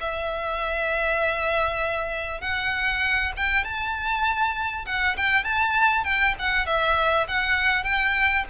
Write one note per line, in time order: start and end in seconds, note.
0.00 2.41 E5
2.41 3.32 F#5
3.36 3.64 G5
3.64 4.85 A5
4.86 5.16 F#5
5.17 5.44 G5
5.44 6.04 A5
6.04 6.34 G5
6.39 6.66 F#5
6.66 7.26 E5
7.28 7.83 F#5
7.83 8.44 G5